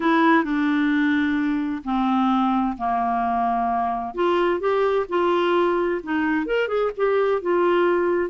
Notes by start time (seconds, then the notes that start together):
0.00 E4
0.43 D4
1.84 C4
2.77 A#3
4.14 F4
4.59 G4
5.09 F4
6.03 D#4
6.46 A#4
6.67 G#4
6.96 G4
7.41 F4